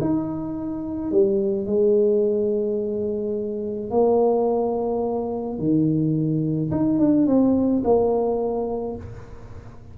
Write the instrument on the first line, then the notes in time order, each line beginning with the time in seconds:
tuba
0.00 D#4
1.11 G3
1.66 G#3
3.90 A#3
5.58 D#3
6.71 D#4
6.99 D4
7.26 C4
7.84 A#3